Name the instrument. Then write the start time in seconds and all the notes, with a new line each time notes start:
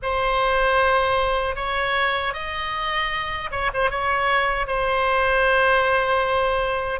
oboe
0.02 C5
1.55 C#5
2.33 D#5
3.51 C#5
3.73 C5
3.90 C#5
4.66 C5